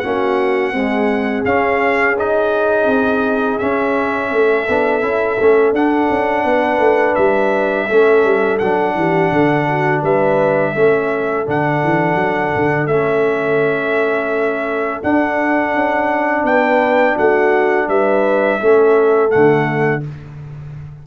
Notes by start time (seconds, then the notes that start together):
0.00 A#3 C#4 F#4 F#5
0.73 G#3 C4 G#4
1.45 C#4 F5
2.19 D#4 D#5
2.87 C4
3.58 C#4 E5
4.32 A3 A4
4.69 B3 D4
5.02 C#4 E4
5.40 A3 C#4
5.73 D4 F#5
6.10 C#4
6.45 B3 B4
6.79 A3
7.15 G3 E5
7.87 A3 C#4 A4
8.25 G3
8.59 F#3 D4 F#5
8.95 E3 G4
9.32 D3 A4
9.69 F#4
10.02 G3 B4 E5
10.73 A3 C#4 A4
11.46 D3 D4 F#5
11.84 E3
12.15 F#3
12.56 D3
12.87 A3 C#4 E5
15.03 D4 F#5
15.75 C#4
16.44 B3 B4 G5
17.16 A3 F#4 F#5
17.88 G3 B4 E5
18.61 A3 C#4 A4
19.30 D3 A3 F#5